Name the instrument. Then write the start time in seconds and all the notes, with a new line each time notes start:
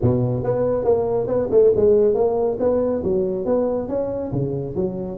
tuba
0.01 B2
0.43 B3
0.84 A#3
1.27 B3
1.50 A3
1.76 G#3
2.14 A#3
2.59 B3
3.03 F#3
3.45 B3
3.88 C#4
4.32 C#3
4.75 F#3